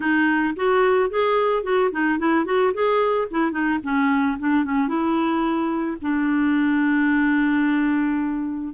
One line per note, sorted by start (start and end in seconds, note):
0.00 0.54 D#4
0.56 1.10 F#4
1.10 1.63 G#4
1.63 1.90 F#4
1.91 2.18 D#4
2.18 2.45 E4
2.45 2.72 F#4
2.73 3.28 G#4
3.30 3.51 E4
3.51 3.78 D#4
3.83 4.37 C#4
4.39 4.64 D4
4.64 4.88 C#4
4.88 5.97 E4
6.01 8.73 D4